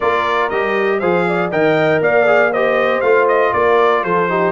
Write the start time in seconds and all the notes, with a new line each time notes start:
0.00 A#3 F4 A#4 D5
0.49 G3 G4 D#5
0.99 F3 G#4 C5 F5
1.27 D5
1.51 D#3 A#4 D#5 G5
2.01 A#3 D5 F5
2.26 G#4
2.51 G4 C5 D#5
3.01 A3 F4 F5
3.27 D#5
3.53 A#3 A#4 D5
4.03 F3 A4 C5
4.29 D#4 G4